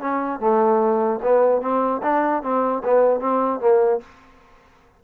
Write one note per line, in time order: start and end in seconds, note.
0.00 0.39 C#4
0.39 1.19 A3
1.22 1.61 B3
1.61 2.01 C4
2.02 2.42 D4
2.42 2.82 C4
2.84 3.20 B3
3.20 3.60 C4
3.60 4.00 A#3